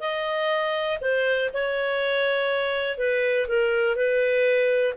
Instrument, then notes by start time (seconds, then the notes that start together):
clarinet
0.00 D#5
1.01 C5
1.53 C#5
2.98 B4
3.48 A#4
3.96 B4